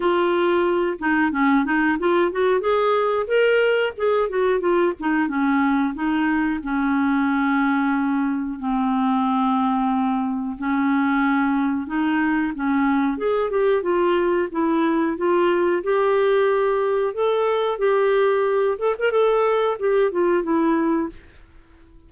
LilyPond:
\new Staff \with { instrumentName = "clarinet" } { \time 4/4 \tempo 4 = 91 f'4. dis'8 cis'8 dis'8 f'8 fis'8 | gis'4 ais'4 gis'8 fis'8 f'8 dis'8 | cis'4 dis'4 cis'2~ | cis'4 c'2. |
cis'2 dis'4 cis'4 | gis'8 g'8 f'4 e'4 f'4 | g'2 a'4 g'4~ | g'8 a'16 ais'16 a'4 g'8 f'8 e'4 | }